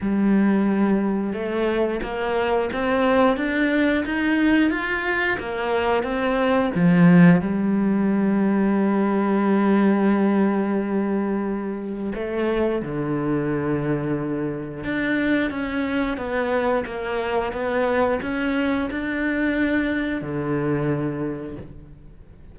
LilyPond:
\new Staff \with { instrumentName = "cello" } { \time 4/4 \tempo 4 = 89 g2 a4 ais4 | c'4 d'4 dis'4 f'4 | ais4 c'4 f4 g4~ | g1~ |
g2 a4 d4~ | d2 d'4 cis'4 | b4 ais4 b4 cis'4 | d'2 d2 | }